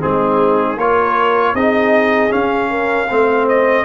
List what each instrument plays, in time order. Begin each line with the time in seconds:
0.00 tuba G#3, trombone C4, horn D#4, trumpet G#4
0.76 tuba A#3, trombone F4, horn A#4, trumpet C#5
1.54 tuba C4, trombone D#4, horn G#4, trumpet D#5
2.29 trombone C#4, tuba C#4, trumpet F5
2.70 horn A#4
3.09 tuba A3, trombone C4, horn C5
3.48 trumpet D#5